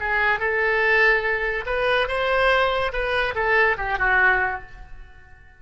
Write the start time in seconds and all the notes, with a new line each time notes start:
0.00 G#4
0.39 A4
1.66 B4
2.08 C5
2.93 B4
3.35 A4
3.77 G4
3.98 F#4